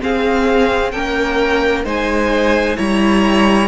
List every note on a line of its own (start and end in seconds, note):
0.00 0.92 C4
0.00 0.93 C4
0.00 0.93 G#4
0.00 0.91 F5
0.91 1.85 A#3
0.91 1.85 C#4
0.91 1.85 A#4
0.91 1.84 G5
1.85 2.77 G#3
1.85 2.77 D#4
1.85 2.77 C5
1.85 2.78 G#5
2.77 3.68 G3
2.77 3.68 E4
2.77 3.68 C#5
2.77 3.68 A#5